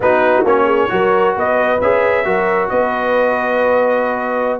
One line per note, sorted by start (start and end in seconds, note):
0.00 0.42 B3
0.00 0.45 D#4
0.00 0.64 F#4
0.00 0.46 B4
0.43 0.88 A#3
0.43 0.88 C#4
0.43 1.36 C#5
0.64 0.87 G#4
0.88 1.35 F#3
0.88 1.79 F#4
0.88 1.36 A#4
1.35 1.81 B3
1.35 2.25 B4
1.35 1.80 D#5
1.80 2.24 C#4
1.80 2.24 G#4
1.80 2.69 E5
2.24 2.69 F#3
2.24 4.59 F#4
2.24 2.71 A#4
2.69 4.59 B3
2.69 4.59 B4
2.69 4.59 D#5